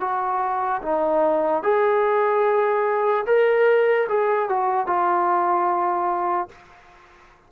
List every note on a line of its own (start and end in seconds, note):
0.00 0.81 F#4
0.82 1.63 D#4
1.63 3.25 G#4
3.26 4.07 A#4
4.09 4.49 G#4
4.49 4.86 F#4
4.86 6.48 F4